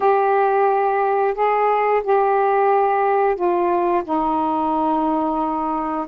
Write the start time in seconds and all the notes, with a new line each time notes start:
0.00 G4
1.34 G#4
2.03 G4
3.35 F4
4.04 D#4